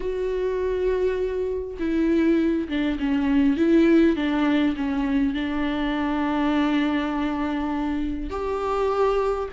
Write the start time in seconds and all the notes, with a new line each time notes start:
0.00 F#4
1.79 E4
2.68 D4
2.99 C#4
3.56 E4
4.16 D4
4.76 C#4
5.34 D4
8.30 G4